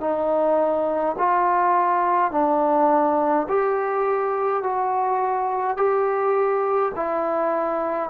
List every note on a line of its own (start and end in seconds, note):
0.00 1.15 D#4
1.18 2.31 F4
2.31 3.47 D4
3.48 4.63 G4
4.63 5.76 F#4
5.76 6.92 G4
6.95 8.10 E4